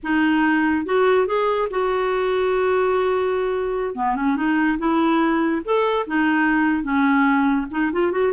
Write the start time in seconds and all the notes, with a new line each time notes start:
0.03 D#4
0.85 F#4
1.26 G#4
1.70 F#4
3.95 B3
4.15 C#4
4.36 D#4
4.78 E4
5.64 A4
6.06 D#4
6.83 C#4
7.70 D#4
7.92 F4
8.11 F#4